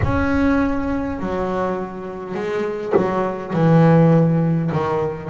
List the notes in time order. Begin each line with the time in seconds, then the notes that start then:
0.03 C#4
1.19 F#3
2.34 G#3
2.96 F#3
3.53 E3
4.71 D#3